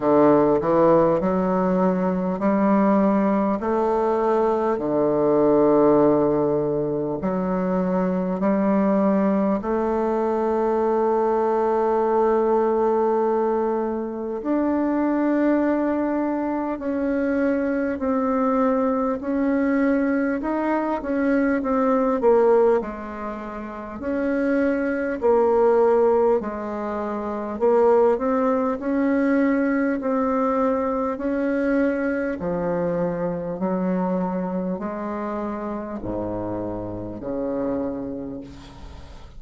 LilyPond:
\new Staff \with { instrumentName = "bassoon" } { \time 4/4 \tempo 4 = 50 d8 e8 fis4 g4 a4 | d2 fis4 g4 | a1 | d'2 cis'4 c'4 |
cis'4 dis'8 cis'8 c'8 ais8 gis4 | cis'4 ais4 gis4 ais8 c'8 | cis'4 c'4 cis'4 f4 | fis4 gis4 gis,4 cis4 | }